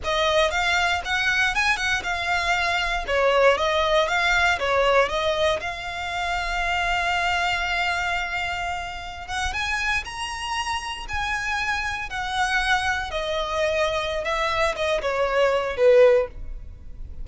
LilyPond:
\new Staff \with { instrumentName = "violin" } { \time 4/4 \tempo 4 = 118 dis''4 f''4 fis''4 gis''8 fis''8 | f''2 cis''4 dis''4 | f''4 cis''4 dis''4 f''4~ | f''1~ |
f''2~ f''16 fis''8 gis''4 ais''16~ | ais''4.~ ais''16 gis''2 fis''16~ | fis''4.~ fis''16 dis''2~ dis''16 | e''4 dis''8 cis''4. b'4 | }